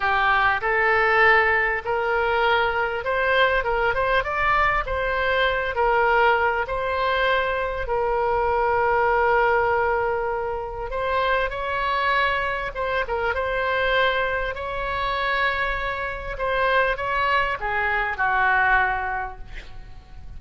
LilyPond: \new Staff \with { instrumentName = "oboe" } { \time 4/4 \tempo 4 = 99 g'4 a'2 ais'4~ | ais'4 c''4 ais'8 c''8 d''4 | c''4. ais'4. c''4~ | c''4 ais'2.~ |
ais'2 c''4 cis''4~ | cis''4 c''8 ais'8 c''2 | cis''2. c''4 | cis''4 gis'4 fis'2 | }